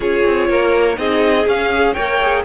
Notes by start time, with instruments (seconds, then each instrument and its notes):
0.00 cello C#4, viola F4, violin G#4 C#5
0.25 cello C4
0.49 cello A#3, violin A#4
0.95 cello C4, viola D#4, violin G#4 D#5
1.46 cello C#4, viola C#4, violin F5
1.72 viola G#4
1.93 cello A#3, viola A#4, violin C#5 G5
2.21 viola G#4